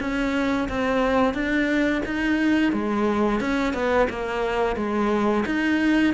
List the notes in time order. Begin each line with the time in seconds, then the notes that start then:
0.00 C#4
0.69 C4
1.34 D4
2.06 D#4
2.72 G#3
3.41 C#4
3.74 B3
4.09 A#3
4.76 G#3
5.46 D#4